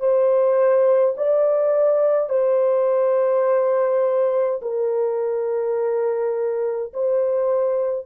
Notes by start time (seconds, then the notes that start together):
0.00 C5
1.17 D5
2.30 C5
4.62 A#4
6.94 C5